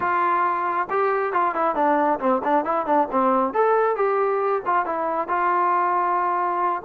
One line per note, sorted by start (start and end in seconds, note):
0.00 0.88 F4
0.90 1.32 G4
1.32 1.54 F4
1.54 1.75 E4
1.75 2.19 D4
2.19 2.41 C4
2.43 2.64 D4
2.64 2.86 E4
2.86 3.08 D4
3.11 3.53 C4
3.53 3.96 A4
3.96 4.62 G4
4.65 4.85 F4
4.85 5.28 E4
5.28 6.82 F4